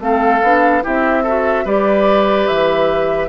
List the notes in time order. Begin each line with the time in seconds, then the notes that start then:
0.00 A3 C4 A4 F5
0.43 B3 D4
0.83 C4 E4 G4 E5
1.23 F#4 A4
1.65 G3 G4 B4 D5
2.48 E3 E5